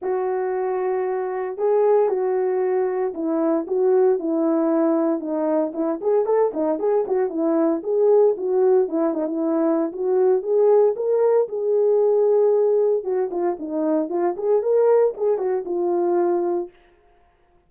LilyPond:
\new Staff \with { instrumentName = "horn" } { \time 4/4 \tempo 4 = 115 fis'2. gis'4 | fis'2 e'4 fis'4 | e'2 dis'4 e'8 gis'8 | a'8 dis'8 gis'8 fis'8 e'4 gis'4 |
fis'4 e'8 dis'16 e'4~ e'16 fis'4 | gis'4 ais'4 gis'2~ | gis'4 fis'8 f'8 dis'4 f'8 gis'8 | ais'4 gis'8 fis'8 f'2 | }